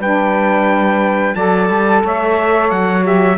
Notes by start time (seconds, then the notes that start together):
0.00 G3 D4 B4 G5
1.35 F#3 A4 D5 A5
1.70 G3
2.04 A3 C#5 E5
2.71 F#3 F#5
3.03 G4 E5